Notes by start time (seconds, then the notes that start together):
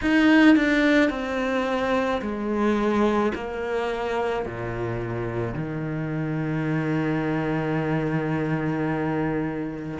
0.02 D#4
0.56 D4
1.10 C4
2.21 G#3
3.34 A#3
4.45 A#2
5.54 D#3